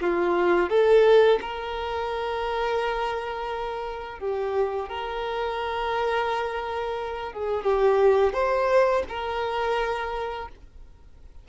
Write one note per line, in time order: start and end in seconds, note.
0.00 0.69 F4
0.69 1.39 A4
1.41 4.19 A#4
4.19 4.88 G4
4.88 7.33 A#4
7.33 7.63 G#4
7.63 8.33 G4
8.33 9.03 C5
9.09 10.48 A#4